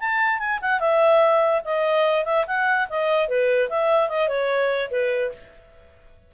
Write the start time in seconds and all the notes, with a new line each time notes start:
0.00 A5
0.39 G#5
0.62 F#5
0.80 E5
1.65 D#5
2.25 E5
2.48 F#5
2.90 D#5
3.28 B4
3.69 E5
4.09 D#5
4.29 C#5
4.91 B4